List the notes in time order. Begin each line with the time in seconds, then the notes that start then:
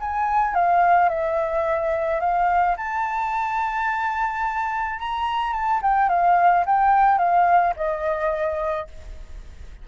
0.00 G#5
0.55 F5
1.09 E5
2.20 F5
2.77 A5
4.99 A#5
5.53 A5
5.82 G5
6.09 F5
6.66 G5
7.18 F5
7.76 D#5